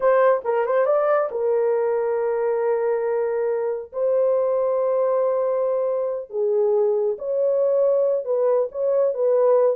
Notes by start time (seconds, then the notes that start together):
0.00 C5
0.44 A#4
0.66 C5
0.85 D5
1.31 A#4
3.92 C5
6.30 G#4
7.18 C#5
8.25 B4
8.71 C#5
9.14 B4